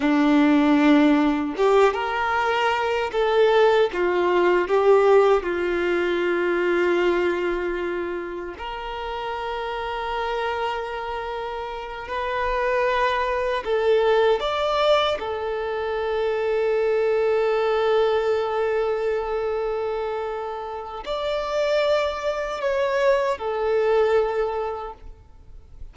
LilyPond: \new Staff \with { instrumentName = "violin" } { \time 4/4 \tempo 4 = 77 d'2 g'8 ais'4. | a'4 f'4 g'4 f'4~ | f'2. ais'4~ | ais'2.~ ais'8 b'8~ |
b'4. a'4 d''4 a'8~ | a'1~ | a'2. d''4~ | d''4 cis''4 a'2 | }